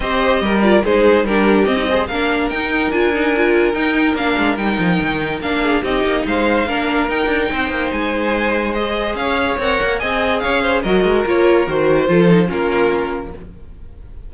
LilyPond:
<<
  \new Staff \with { instrumentName = "violin" } { \time 4/4 \tempo 4 = 144 dis''4. d''8 c''4 ais'4 | dis''4 f''4 g''4 gis''4~ | gis''4 g''4 f''4 g''4~ | g''4 f''4 dis''4 f''4~ |
f''4 g''2 gis''4~ | gis''4 dis''4 f''4 fis''4 | gis''4 f''4 dis''4 cis''4 | c''2 ais'2 | }
  \new Staff \with { instrumentName = "violin" } { \time 4/4 c''4 ais'4 gis'4 g'4~ | g'8 c''8 ais'2.~ | ais'1~ | ais'4. gis'8 g'4 c''4 |
ais'2 c''2~ | c''2 cis''2 | dis''4 cis''8 c''8 ais'2~ | ais'4 a'4 f'2 | }
  \new Staff \with { instrumentName = "viola" } { \time 4/4 g'4. f'8 dis'4 d'4 | c'16 dis'16 gis'8 d'4 dis'4 f'8 dis'8 | f'4 dis'4 d'4 dis'4~ | dis'4 d'4 dis'2 |
d'4 dis'2.~ | dis'4 gis'2 ais'4 | gis'2 fis'4 f'4 | fis'4 f'8 dis'8 cis'2 | }
  \new Staff \with { instrumentName = "cello" } { \time 4/4 c'4 g4 gis4 g4 | c'4 ais4 dis'4 d'4~ | d'4 dis'4 ais8 gis8 g8 f8 | dis4 ais4 c'8 ais8 gis4 |
ais4 dis'8 d'8 c'8 ais8 gis4~ | gis2 cis'4 c'8 ais8 | c'4 cis'4 fis8 gis8 ais4 | dis4 f4 ais2 | }
>>